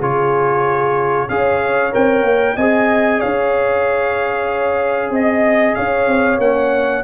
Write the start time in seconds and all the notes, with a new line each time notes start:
0.00 C#3 F4 G#4 C#5
1.29 C#4 G#4 C#5 F5
1.92 C4 A#4 G5
2.23 A#3
2.56 C4 G#4 D#5 G#5
3.19 C#4 C#5 F5
5.10 C4 D#5
5.75 C#4 C#5 F5
6.07 C4
6.38 A#3 C#4 F#5